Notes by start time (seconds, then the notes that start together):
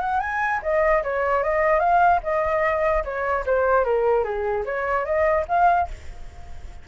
0.00 F#5
0.20 G#5
0.63 D#5
1.03 C#5
1.43 D#5
1.80 F5
2.23 D#5
3.04 C#5
3.46 C5
3.85 A#4
4.24 G#4
4.65 C#5
5.05 D#5
5.48 F5